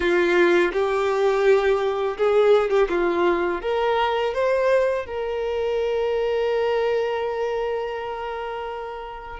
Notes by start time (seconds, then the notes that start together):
0.00 F4
0.72 G4
2.17 G#4
2.69 G4
2.89 F4
3.61 A#4
4.33 C5
5.06 A#4